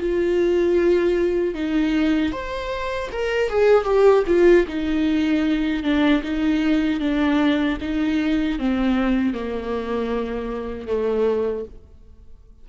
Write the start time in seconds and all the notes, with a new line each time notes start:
0.00 F4
1.55 D#4
2.32 C5
3.12 A#4
3.50 G#4
3.85 G4
4.27 F4
4.68 D#4
5.83 D4
6.23 D#4
7.00 D4
7.81 D#4
8.59 C4
9.34 A#3
10.87 A3